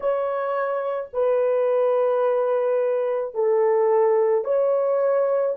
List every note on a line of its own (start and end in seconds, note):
0.00 1.09 C#5
1.13 3.34 B4
3.34 4.44 A4
4.44 5.55 C#5